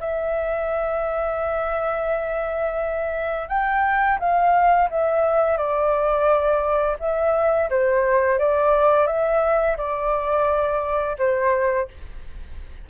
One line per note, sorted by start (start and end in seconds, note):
0.00 3.49 E5
3.49 4.18 G5
4.20 4.89 F5
4.90 5.57 E5
5.57 6.97 D5
7.00 7.70 E5
7.70 8.39 C5
8.39 9.07 D5
9.07 9.77 E5
9.77 11.17 D5
11.18 11.88 C5